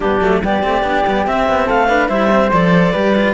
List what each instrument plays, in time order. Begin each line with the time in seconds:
0.00 cello G3 B3, flute D4, clarinet G4
0.20 cello F#3 A3
0.43 cello G3 B3, flute G4, clarinet D5
0.62 cello A3 C4
0.82 cello B3 D4
1.06 cello G3 B3
1.26 cello C4, clarinet E5
1.48 cello B3
1.65 cello A3, flute A4, clarinet F5
1.88 cello D4, flute B4
2.08 cello G3 E4, flute C5, clarinet E5
2.30 cello C4
2.52 cello F3 A4, clarinet D5
2.92 cello G3 G4, flute B4
3.16 cello F4